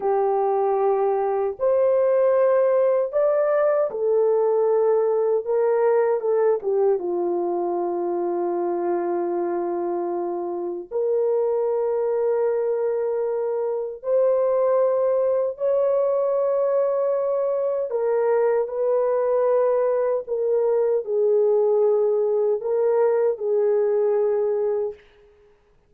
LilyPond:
\new Staff \with { instrumentName = "horn" } { \time 4/4 \tempo 4 = 77 g'2 c''2 | d''4 a'2 ais'4 | a'8 g'8 f'2.~ | f'2 ais'2~ |
ais'2 c''2 | cis''2. ais'4 | b'2 ais'4 gis'4~ | gis'4 ais'4 gis'2 | }